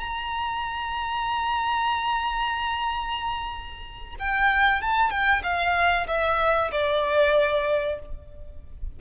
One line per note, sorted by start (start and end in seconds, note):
0.00 4.15 A#5
4.19 4.81 G5
4.81 5.10 A5
5.10 5.42 G5
5.43 6.07 F5
6.07 6.71 E5
6.71 7.99 D5